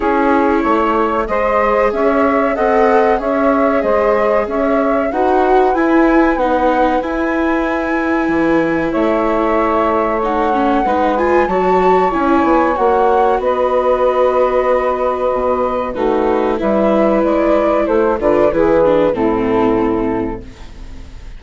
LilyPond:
<<
  \new Staff \with { instrumentName = "flute" } { \time 4/4 \tempo 4 = 94 cis''2 dis''4 e''4 | fis''4 e''4 dis''4 e''4 | fis''4 gis''4 fis''4 gis''4~ | gis''2 e''2 |
fis''4. gis''8 a''4 gis''4 | fis''4 dis''2.~ | dis''4 b'4 e''4 d''4 | c''8 d''8 b'4 a'2 | }
  \new Staff \with { instrumentName = "saxophone" } { \time 4/4 gis'4 cis''4 c''4 cis''4 | dis''4 cis''4 c''4 cis''4 | b'1~ | b'2 cis''2~ |
cis''4 b'4 cis''2~ | cis''4 b'2.~ | b'4 fis'4 b'2 | a'8 b'8 gis'4 e'2 | }
  \new Staff \with { instrumentName = "viola" } { \time 4/4 e'2 gis'2 | a'4 gis'2. | fis'4 e'4 dis'4 e'4~ | e'1 |
dis'8 cis'8 dis'8 f'8 fis'4 e'4 | fis'1~ | fis'4 dis'4 e'2~ | e'8 f'8 e'8 d'8 c'2 | }
  \new Staff \with { instrumentName = "bassoon" } { \time 4/4 cis'4 a4 gis4 cis'4 | c'4 cis'4 gis4 cis'4 | dis'4 e'4 b4 e'4~ | e'4 e4 a2~ |
a4 gis4 fis4 cis'8 b8 | ais4 b2. | b,4 a4 g4 gis4 | a8 d8 e4 a,2 | }
>>